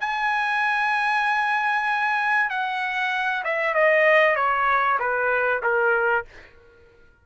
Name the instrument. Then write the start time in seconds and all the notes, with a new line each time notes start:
trumpet
0.00 G#5
2.49 F#5
3.44 E5
3.74 D#5
4.36 C#5
4.99 B4
5.62 A#4